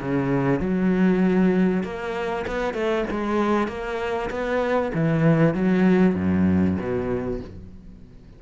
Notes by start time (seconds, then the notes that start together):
0.00 C#3
0.60 F#3
1.83 A#3
2.47 B3
2.74 A3
3.10 G#3
3.68 A#3
4.30 B3
4.94 E3
5.54 F#3
6.15 F#2
6.78 B2